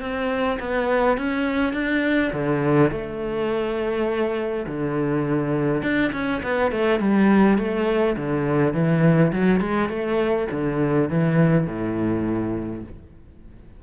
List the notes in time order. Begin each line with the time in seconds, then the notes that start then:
0.00 C4
0.59 B3
1.17 C#4
1.73 D4
2.32 D3
2.91 A3
4.67 D3
5.82 D4
6.12 C#4
6.42 B3
6.71 A3
6.99 G3
7.58 A3
8.16 D3
8.73 E3
9.32 F#3
9.60 G#3
9.89 A3
10.51 D3
11.09 E3
11.66 A2